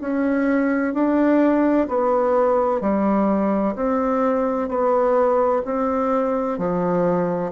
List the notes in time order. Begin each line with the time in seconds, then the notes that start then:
0.00 C#4
0.93 D4
1.88 B3
2.81 G3
3.75 C4
4.68 B3
5.65 C4
6.58 F3